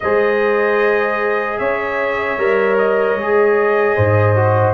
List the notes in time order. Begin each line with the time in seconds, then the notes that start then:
0.00 G#3 G#4 C5 D#5
1.58 C#4 C#5 E5
2.37 G3 A#4
2.78 D#5
3.14 G#3 G#4
3.96 G#2 C5
4.35 F#4